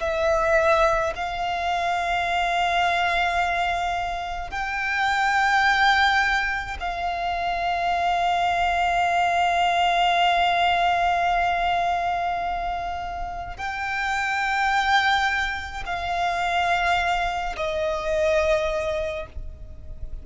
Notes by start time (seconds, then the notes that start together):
0.00 E5
1.16 F5
4.51 G5
6.80 F5
13.57 G5
15.86 F5
17.57 D#5